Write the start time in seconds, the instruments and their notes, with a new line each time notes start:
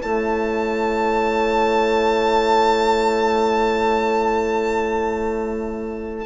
0.00 bassoon A3, horn E4 C#5, violin A5